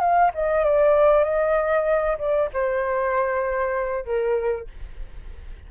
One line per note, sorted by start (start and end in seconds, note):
0.00 0.31 F5
0.35 0.64 D#5
0.64 1.24 D5
1.24 2.18 D#5
2.19 2.50 D5
2.54 4.06 C5
4.06 4.68 A#4